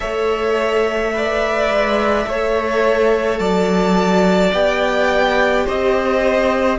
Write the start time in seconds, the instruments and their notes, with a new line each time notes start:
0.00 cello A3, viola A4, violin C#5 E5
1.13 viola B4, violin D5
1.69 cello G#3
2.25 cello A3, viola A4, violin C#5
3.38 cello F#3, violin D5 A5
4.52 cello B3, viola G4, violin G5
5.65 cello C4, violin C5 D#5